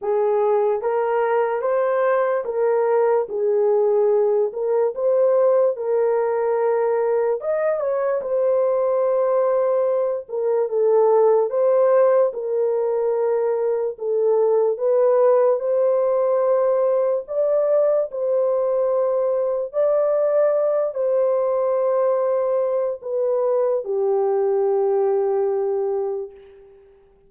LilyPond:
\new Staff \with { instrumentName = "horn" } { \time 4/4 \tempo 4 = 73 gis'4 ais'4 c''4 ais'4 | gis'4. ais'8 c''4 ais'4~ | ais'4 dis''8 cis''8 c''2~ | c''8 ais'8 a'4 c''4 ais'4~ |
ais'4 a'4 b'4 c''4~ | c''4 d''4 c''2 | d''4. c''2~ c''8 | b'4 g'2. | }